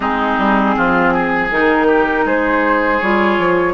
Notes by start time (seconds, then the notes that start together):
0.00 G#3 C4 D#4 G#4
0.38 G3
0.76 F3 F4
1.13 G#4
1.50 D#3 D#4 A#4
1.87 G4
2.25 G#3 G#4 C5
3.00 G3 F4 C#5
3.38 F3